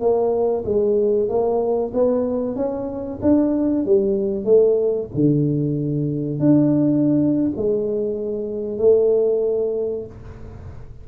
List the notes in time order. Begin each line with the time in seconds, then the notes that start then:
0.00 A#3
0.64 G#3
1.28 A#3
1.94 B3
2.55 C#4
3.21 D4
3.85 G3
4.44 A3
5.14 D3
6.39 D4
7.56 G#3
8.78 A3